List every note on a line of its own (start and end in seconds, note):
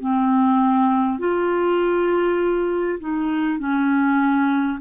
0.00 1.18 C4
1.18 2.98 F4
2.99 3.58 D#4
3.58 4.78 C#4